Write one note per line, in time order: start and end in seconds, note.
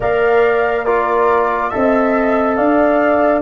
0.00 1.72 A#3
0.00 0.86 A#4
0.00 0.84 D5
0.00 0.85 F5
0.84 1.71 F4
0.84 1.70 A#4
0.84 1.69 D5
1.69 2.58 C4
1.69 3.41 A4
1.69 2.57 D#5
1.69 2.55 E5
2.55 3.41 D4
2.55 3.41 D5
2.55 3.41 F5